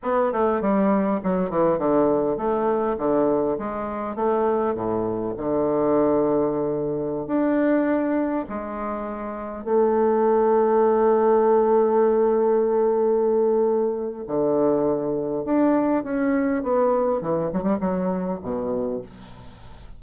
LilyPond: \new Staff \with { instrumentName = "bassoon" } { \time 4/4 \tempo 4 = 101 b8 a8 g4 fis8 e8 d4 | a4 d4 gis4 a4 | a,4 d2.~ | d16 d'2 gis4.~ gis16~ |
gis16 a2.~ a8.~ | a1 | d2 d'4 cis'4 | b4 e8 fis16 g16 fis4 b,4 | }